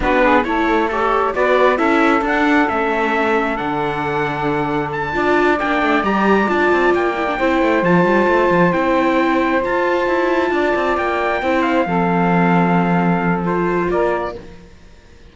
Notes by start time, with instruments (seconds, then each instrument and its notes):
0.00 cello B3, viola D4, saxophone F#4, trumpet B4
0.23 saxophone G#4
0.44 cello A3, viola E4, saxophone A4, trumpet C#5
0.88 viola G4, trumpet A4, saxophone C#5
1.33 cello B3, viola F#4, saxophone B4, trumpet D5
1.76 cello C#4, viola E4, saxophone A4, trumpet E5
2.21 cello D4, viola D4, trumpet F#5
2.68 cello A3, viola C#4, trumpet E5
3.56 cello D3, viola D4, trumpet F#5
4.91 trumpet A5
5.12 cello D4, viola F4, saxophone D5
5.59 cello A#3, viola D4, trumpet G5
5.82 cello A3
6.03 cello G3, viola G4, trumpet A#5
6.46 cello D4, viola F4, trumpet A5
6.71 cello C4
6.94 cello A#3, trumpet G5
7.16 viola E4
7.27 viola D4
7.37 cello C4, viola E4, saxophone C5
7.61 cello A3
7.83 cello F3, viola F4, trumpet A5
8.04 cello G3
8.27 cello A3
8.50 cello F3
8.72 cello C4, viola E4, trumpet G5
9.61 viola F4, cello F4, trumpet A5
10.07 cello E4
10.50 cello D4, saxophone D5
10.75 cello C4
10.97 cello A#3, trumpet G5
11.42 cello C4, viola E4, saxophone C5
11.62 trumpet F5
11.86 cello F3, viola C4, saxophone A4
13.43 viola F4, trumpet C5
13.89 cello A#3, saxophone A#4, trumpet D5